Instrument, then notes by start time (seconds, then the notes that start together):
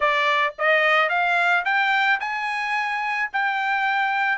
trumpet
0.00 D5
0.58 D#5
1.09 F5
1.64 G5
2.19 G#5
3.33 G5